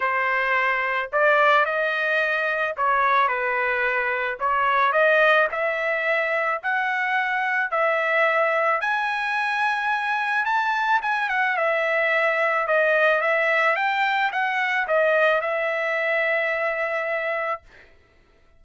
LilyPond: \new Staff \with { instrumentName = "trumpet" } { \time 4/4 \tempo 4 = 109 c''2 d''4 dis''4~ | dis''4 cis''4 b'2 | cis''4 dis''4 e''2 | fis''2 e''2 |
gis''2. a''4 | gis''8 fis''8 e''2 dis''4 | e''4 g''4 fis''4 dis''4 | e''1 | }